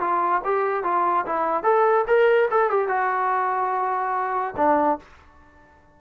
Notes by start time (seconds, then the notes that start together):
0.00 F4
0.45 G4
0.84 F4
1.26 E4
1.63 A4
2.07 A#4
2.51 A4
2.70 G4
2.88 F#4
4.57 D4